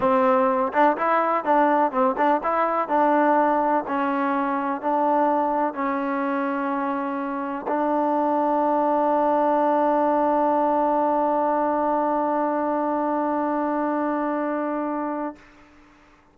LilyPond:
\new Staff \with { instrumentName = "trombone" } { \time 4/4 \tempo 4 = 125 c'4. d'8 e'4 d'4 | c'8 d'8 e'4 d'2 | cis'2 d'2 | cis'1 |
d'1~ | d'1~ | d'1~ | d'1 | }